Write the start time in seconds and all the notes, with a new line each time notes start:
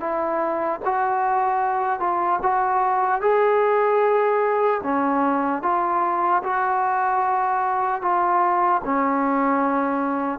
0.00 E4
0.84 F#4
1.99 F4
2.42 F#4
3.21 G#4
4.83 C#4
5.62 F4
6.43 F#4
8.01 F4
8.84 C#4